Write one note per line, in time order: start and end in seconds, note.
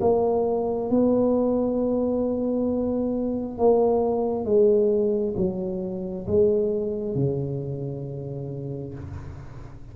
0.00 0.90 A#3
0.90 3.58 B3
3.58 4.45 A#3
4.45 5.34 G#3
5.36 6.26 F#3
6.26 7.15 G#3
7.15 8.94 C#3